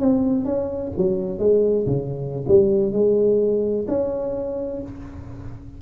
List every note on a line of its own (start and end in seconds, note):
0.00 0.45 C4
0.45 0.92 C#4
0.97 1.39 F#3
1.39 1.86 G#3
1.87 2.45 C#3
2.48 2.93 G3
2.93 3.87 G#3
3.88 4.82 C#4